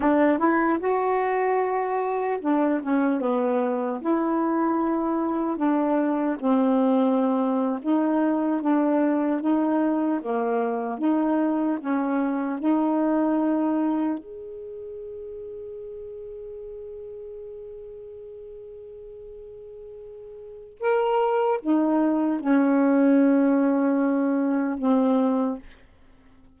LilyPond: \new Staff \with { instrumentName = "saxophone" } { \time 4/4 \tempo 4 = 75 d'8 e'8 fis'2 d'8 cis'8 | b4 e'2 d'4 | c'4.~ c'16 dis'4 d'4 dis'16~ | dis'8. ais4 dis'4 cis'4 dis'16~ |
dis'4.~ dis'16 gis'2~ gis'16~ | gis'1~ | gis'2 ais'4 dis'4 | cis'2. c'4 | }